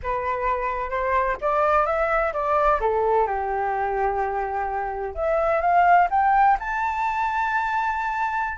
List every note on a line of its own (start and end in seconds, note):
0.03 0.89 B4
0.89 1.36 C5
1.41 1.85 D5
1.85 2.32 E5
2.33 2.80 D5
2.80 3.26 A4
3.26 5.14 G4
5.14 5.61 E5
5.61 6.08 F5
6.10 6.57 G5
6.59 8.57 A5